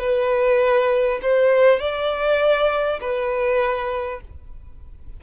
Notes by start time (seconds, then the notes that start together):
0.00 B4
1.22 C5
1.80 D5
3.01 B4